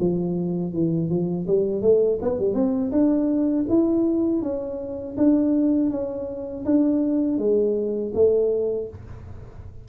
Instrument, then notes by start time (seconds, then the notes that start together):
tuba
0.00 F3
0.73 E3
1.10 F3
1.47 G3
1.82 A3
2.22 B3
2.39 G3
2.55 C4
2.92 D4
3.69 E4
4.42 C#4
5.18 D4
5.91 C#4
6.66 D4
7.39 G#3
8.15 A3